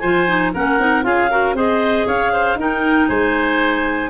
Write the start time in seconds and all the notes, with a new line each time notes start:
0.00 F3 F4 C5 G#5
0.27 D#4
0.54 A#3 C#4 A#4 F#5
0.80 C4 D#4
1.03 C#4 F4 G#4 F5
1.31 F#4 A#4
1.54 C4 G#4 C5 D#5
2.07 C#4 C#5 F5
2.32 C5
2.56 D#4 A#4 G5
3.08 G#3 C5 G#5